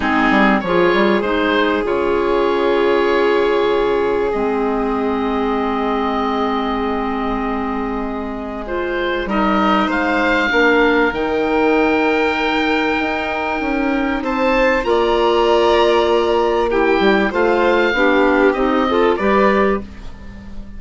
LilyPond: <<
  \new Staff \with { instrumentName = "oboe" } { \time 4/4 \tempo 4 = 97 gis'4 cis''4 c''4 cis''4~ | cis''2. dis''4~ | dis''1~ | dis''2 c''4 dis''4 |
f''2 g''2~ | g''2. a''4 | ais''2. g''4 | f''2 dis''4 d''4 | }
  \new Staff \with { instrumentName = "violin" } { \time 4/4 dis'4 gis'2.~ | gis'1~ | gis'1~ | gis'2. ais'4 |
c''4 ais'2.~ | ais'2. c''4 | d''2. g'4 | c''4 g'4. a'8 b'4 | }
  \new Staff \with { instrumentName = "clarinet" } { \time 4/4 c'4 f'4 dis'4 f'4~ | f'2. c'4~ | c'1~ | c'2 f'4 dis'4~ |
dis'4 d'4 dis'2~ | dis'1 | f'2. e'4 | f'4 d'4 dis'8 f'8 g'4 | }
  \new Staff \with { instrumentName = "bassoon" } { \time 4/4 gis8 g8 f8 g8 gis4 cis4~ | cis2. gis4~ | gis1~ | gis2. g4 |
gis4 ais4 dis2~ | dis4 dis'4 cis'4 c'4 | ais2.~ ais8 g8 | a4 b4 c'4 g4 | }
>>